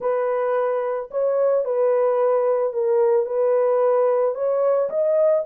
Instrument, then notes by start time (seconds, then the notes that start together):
horn
0.00 B4
1.10 C#5
1.64 B4
2.73 A#4
3.26 B4
4.34 C#5
4.89 D#5